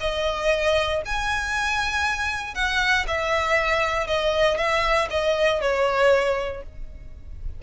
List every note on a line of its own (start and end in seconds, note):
0.00 1.02 D#5
1.05 2.54 G#5
2.54 3.05 F#5
3.07 4.07 E5
4.07 4.57 D#5
4.57 5.08 E5
5.10 5.60 D#5
5.60 6.62 C#5